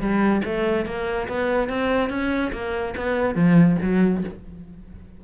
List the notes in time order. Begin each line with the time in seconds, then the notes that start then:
0.00 G3
0.45 A3
0.86 A#3
1.28 B3
1.69 C4
2.09 C#4
2.53 A#3
2.97 B3
3.35 F3
3.82 F#3